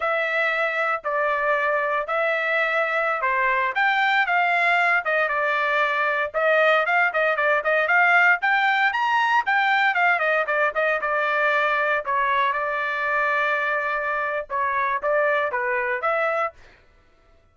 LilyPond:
\new Staff \with { instrumentName = "trumpet" } { \time 4/4 \tempo 4 = 116 e''2 d''2 | e''2~ e''16 c''4 g''8.~ | g''16 f''4. dis''8 d''4.~ d''16~ | d''16 dis''4 f''8 dis''8 d''8 dis''8 f''8.~ |
f''16 g''4 ais''4 g''4 f''8 dis''16~ | dis''16 d''8 dis''8 d''2 cis''8.~ | cis''16 d''2.~ d''8. | cis''4 d''4 b'4 e''4 | }